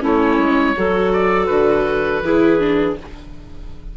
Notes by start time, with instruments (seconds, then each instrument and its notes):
0.00 bassoon A3, viola C#4, clarinet E4, oboe C#5
0.37 bassoon G#3
0.76 bassoon F#3, viola F#4, clarinet A4
1.12 oboe D5
1.46 bassoon D3, oboe B4
2.21 bassoon E3, viola E4, clarinet G#4
2.59 viola D4